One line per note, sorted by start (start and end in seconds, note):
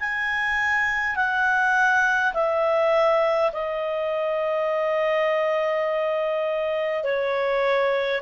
0.00 1.16 G#5
1.16 2.34 F#5
2.34 3.51 E5
3.53 7.04 D#5
7.04 8.22 C#5